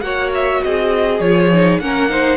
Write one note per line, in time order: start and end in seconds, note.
0.00 0.59 A#3
0.00 1.20 F#4
0.00 0.63 C#5
0.00 0.29 F#5
0.34 0.63 E5
0.63 1.19 C4
0.63 1.81 G#4
0.63 1.20 D#5
1.19 1.78 F3
1.19 1.51 F4
1.19 1.79 C#5
1.53 1.81 D#4
1.79 2.37 A#3
1.79 2.09 C#4
1.79 2.10 A#4
1.79 2.37 F#5
2.09 2.37 D#4
2.09 2.37 C5